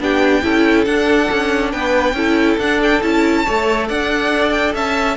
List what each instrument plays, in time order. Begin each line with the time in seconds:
0.00 cello B3, viola D4, violin G4 G5
0.43 cello C#4, viola E4, violin A4
0.85 viola D4, cello D4, violin F#5
1.31 cello C#4
1.72 cello B3, violin B4 G5
2.14 cello C#4, viola E4, violin A4
2.58 cello D4, viola D4, violin F#5
2.83 violin G5
3.02 cello C#4, viola E4, violin A5
3.45 cello A3, viola A4, violin C#5
3.88 cello D4, violin D5 F#5
4.51 violin G5
4.75 cello C#4, violin E5 A5